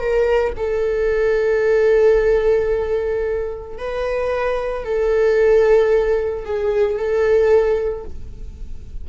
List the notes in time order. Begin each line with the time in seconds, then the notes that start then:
0.00 A#4
0.57 A4
3.78 B4
4.85 A4
6.46 G#4
6.98 A4